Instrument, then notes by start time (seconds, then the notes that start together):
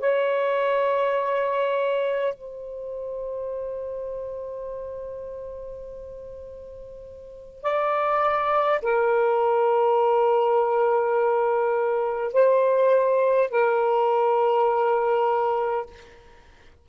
saxophone
0.00 C#5
2.34 C5
7.63 D5
8.82 A#4
12.33 C5
13.51 A#4